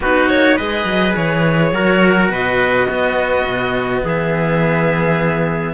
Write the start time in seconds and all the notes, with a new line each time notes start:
0.00 B3 D#4 F#4 B4
0.28 A#3 C#5
0.56 G#3 G#4 B4 D#5
0.84 F#3
1.15 E3 C#5
1.72 F#3 F#4 A#4
2.28 B2 B4 D#5
2.86 B3 F#4
3.44 B2
4.03 E3 G#4 E5